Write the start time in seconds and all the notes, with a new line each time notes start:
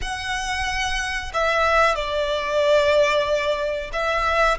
0.01 F#5
1.33 E5
1.95 D5
3.92 E5